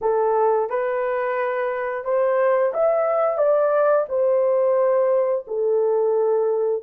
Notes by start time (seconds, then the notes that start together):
0.01 A4
0.69 B4
2.04 C5
2.73 E5
3.37 D5
4.08 C5
5.47 A4